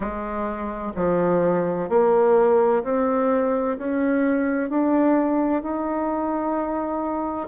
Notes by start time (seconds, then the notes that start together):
0.00 G#3
0.95 F3
1.89 A#3
2.83 C4
3.78 C#4
4.69 D4
5.62 D#4